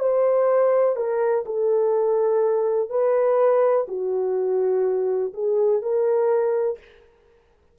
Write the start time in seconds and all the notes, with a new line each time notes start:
0.00 C5
0.96 A#4
1.46 A4
2.90 B4
3.88 F#4
5.34 G#4
5.82 A#4